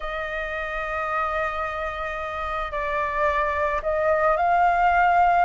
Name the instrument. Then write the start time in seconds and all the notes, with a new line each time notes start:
flute
0.00 D#5
2.71 D5
3.82 D#5
4.36 F5